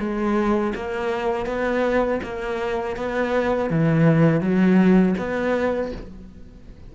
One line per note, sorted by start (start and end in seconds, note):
0.00 0.74 G#3
0.75 1.46 A#3
1.46 2.21 B3
2.24 2.97 A#3
2.97 3.70 B3
3.70 4.41 E3
4.41 5.15 F#3
5.18 5.92 B3